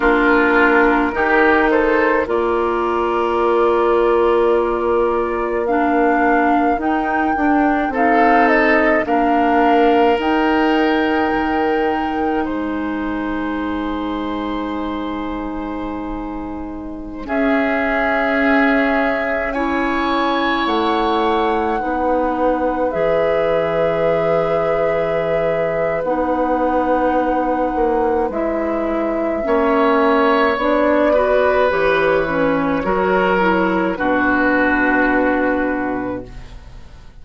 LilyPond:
<<
  \new Staff \with { instrumentName = "flute" } { \time 4/4 \tempo 4 = 53 ais'4. c''8 d''2~ | d''4 f''4 g''4 f''8 dis''8 | f''4 g''2 gis''4~ | gis''2.~ gis''16 e''8.~ |
e''4~ e''16 gis''4 fis''4.~ fis''16~ | fis''16 e''2~ e''8. fis''4~ | fis''4 e''2 d''4 | cis''2 b'2 | }
  \new Staff \with { instrumentName = "oboe" } { \time 4/4 f'4 g'8 a'8 ais'2~ | ais'2. a'4 | ais'2. c''4~ | c''2.~ c''16 gis'8.~ |
gis'4~ gis'16 cis''2 b'8.~ | b'1~ | b'2 cis''4. b'8~ | b'4 ais'4 fis'2 | }
  \new Staff \with { instrumentName = "clarinet" } { \time 4/4 d'4 dis'4 f'2~ | f'4 d'4 dis'8 d'8 dis'4 | d'4 dis'2.~ | dis'2.~ dis'16 cis'8.~ |
cis'4~ cis'16 e'2 dis'8.~ | dis'16 gis'2~ gis'8. dis'4~ | dis'4 e'4 cis'4 d'8 fis'8 | g'8 cis'8 fis'8 e'8 d'2 | }
  \new Staff \with { instrumentName = "bassoon" } { \time 4/4 ais4 dis4 ais2~ | ais2 dis'8 d'8 c'4 | ais4 dis'4 dis4 gis4~ | gis2.~ gis16 cis'8.~ |
cis'2~ cis'16 a4 b8.~ | b16 e2~ e8. b4~ | b8 ais8 gis4 ais4 b4 | e4 fis4 b,2 | }
>>